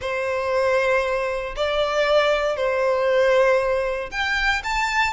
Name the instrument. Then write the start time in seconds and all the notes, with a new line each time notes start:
violin
0.01 C5
1.56 D5
2.56 C5
4.11 G5
4.63 A5